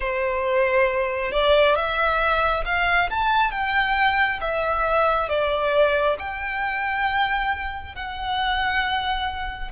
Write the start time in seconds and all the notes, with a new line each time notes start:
0.00 C5
1.31 D5
1.75 E5
2.65 F5
3.10 A5
3.51 G5
4.40 E5
5.28 D5
6.18 G5
7.95 F#5